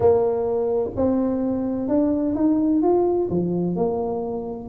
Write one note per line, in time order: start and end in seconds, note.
0.00 0.90 A#3
0.96 1.88 C4
1.88 2.35 D4
2.35 2.82 D#4
2.82 3.29 F4
3.30 3.75 F3
3.75 4.68 A#3